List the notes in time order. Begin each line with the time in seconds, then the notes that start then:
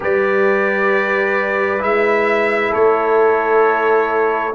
0.00 G3 G4 B4 D5
1.79 G#3 E4 E5
2.71 A3 A4 C#5